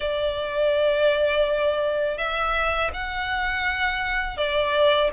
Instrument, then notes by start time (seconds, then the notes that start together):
violin
0.00 D5
2.17 E5
2.93 F#5
4.37 D5